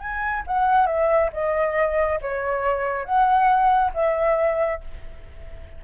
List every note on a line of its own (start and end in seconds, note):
0.00 0.43 G#5
0.47 0.87 F#5
0.87 1.30 E5
1.33 2.20 D#5
2.21 3.05 C#5
3.05 3.92 F#5
3.94 4.81 E5